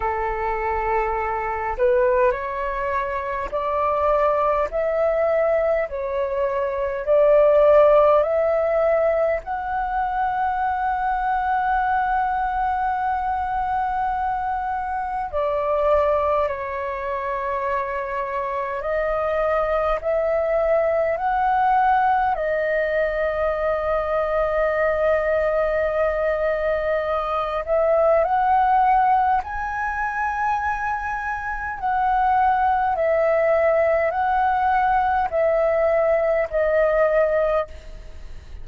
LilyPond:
\new Staff \with { instrumentName = "flute" } { \time 4/4 \tempo 4 = 51 a'4. b'8 cis''4 d''4 | e''4 cis''4 d''4 e''4 | fis''1~ | fis''4 d''4 cis''2 |
dis''4 e''4 fis''4 dis''4~ | dis''2.~ dis''8 e''8 | fis''4 gis''2 fis''4 | e''4 fis''4 e''4 dis''4 | }